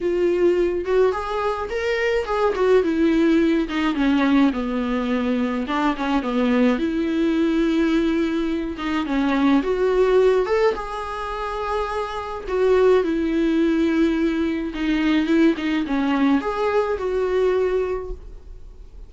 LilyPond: \new Staff \with { instrumentName = "viola" } { \time 4/4 \tempo 4 = 106 f'4. fis'8 gis'4 ais'4 | gis'8 fis'8 e'4. dis'8 cis'4 | b2 d'8 cis'8 b4 | e'2.~ e'8 dis'8 |
cis'4 fis'4. a'8 gis'4~ | gis'2 fis'4 e'4~ | e'2 dis'4 e'8 dis'8 | cis'4 gis'4 fis'2 | }